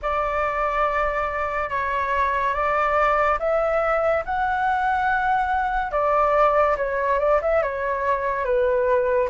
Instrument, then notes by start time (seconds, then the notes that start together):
flute
0.02 D5
1.69 C#5
2.54 D5
3.39 E5
4.25 F#5
5.91 D5
6.76 C#5
7.19 D5
7.41 E5
7.62 C#5
8.44 B4